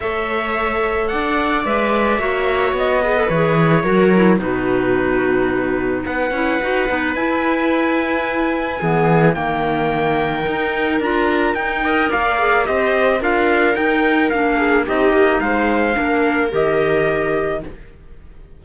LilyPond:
<<
  \new Staff \with { instrumentName = "trumpet" } { \time 4/4 \tempo 4 = 109 e''2 fis''4 e''4~ | e''4 dis''4 cis''2 | b'2. fis''4~ | fis''4 gis''2.~ |
gis''4 g''2. | ais''4 g''4 f''4 dis''4 | f''4 g''4 f''4 dis''4 | f''2 dis''2 | }
  \new Staff \with { instrumentName = "viola" } { \time 4/4 cis''2 d''2 | cis''4. b'4. ais'4 | fis'2. b'4~ | b'1 |
gis'4 ais'2.~ | ais'4. dis''8 d''4 c''4 | ais'2~ ais'8 gis'8 g'4 | c''4 ais'2. | }
  \new Staff \with { instrumentName = "clarinet" } { \time 4/4 a'2. b'4 | fis'4. gis'16 a'16 gis'4 fis'8 e'8 | dis'2.~ dis'8 e'8 | fis'8 dis'8 e'2. |
b4 ais2 dis'4 | f'4 dis'8 ais'4 gis'8 g'4 | f'4 dis'4 d'4 dis'4~ | dis'4 d'4 g'2 | }
  \new Staff \with { instrumentName = "cello" } { \time 4/4 a2 d'4 gis4 | ais4 b4 e4 fis4 | b,2. b8 cis'8 | dis'8 b8 e'2. |
e4 dis2 dis'4 | d'4 dis'4 ais4 c'4 | d'4 dis'4 ais4 c'8 ais8 | gis4 ais4 dis2 | }
>>